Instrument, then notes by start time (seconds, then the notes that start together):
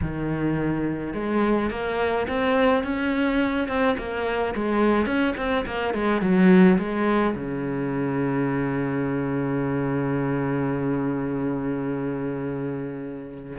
cello
0.01 D#3
1.13 G#3
1.70 A#3
2.28 C4
2.83 C#4
3.67 C4
3.98 A#3
4.54 G#3
5.06 C#4
5.36 C4
5.66 A#3
5.94 G#3
6.21 F#3
6.78 G#3
7.35 C#3